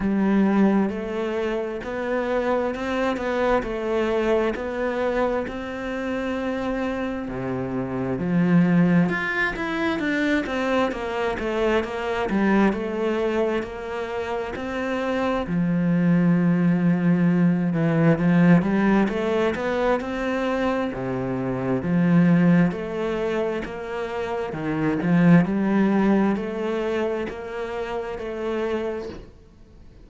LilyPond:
\new Staff \with { instrumentName = "cello" } { \time 4/4 \tempo 4 = 66 g4 a4 b4 c'8 b8 | a4 b4 c'2 | c4 f4 f'8 e'8 d'8 c'8 | ais8 a8 ais8 g8 a4 ais4 |
c'4 f2~ f8 e8 | f8 g8 a8 b8 c'4 c4 | f4 a4 ais4 dis8 f8 | g4 a4 ais4 a4 | }